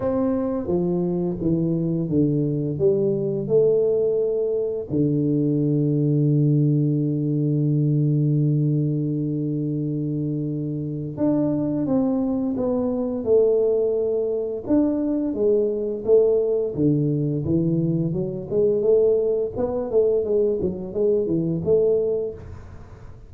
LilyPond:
\new Staff \with { instrumentName = "tuba" } { \time 4/4 \tempo 4 = 86 c'4 f4 e4 d4 | g4 a2 d4~ | d1~ | d1 |
d'4 c'4 b4 a4~ | a4 d'4 gis4 a4 | d4 e4 fis8 gis8 a4 | b8 a8 gis8 fis8 gis8 e8 a4 | }